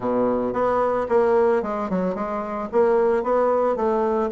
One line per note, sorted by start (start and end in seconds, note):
0.00 0.53 B2
0.53 1.07 B3
1.08 1.62 A#3
1.62 1.89 G#3
1.89 2.14 F#3
2.14 2.68 G#3
2.71 3.23 A#3
3.23 3.75 B3
3.75 4.29 A3